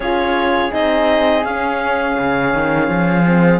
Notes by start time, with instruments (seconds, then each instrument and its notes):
0.00 cello C#4, horn F4, flute G#4, clarinet C#5
0.71 cello C4, horn D#4, clarinet D#5
1.44 cello C#4, horn C#4, clarinet F5
2.18 cello C#3
2.53 cello D#3
2.88 cello F3
3.25 horn C4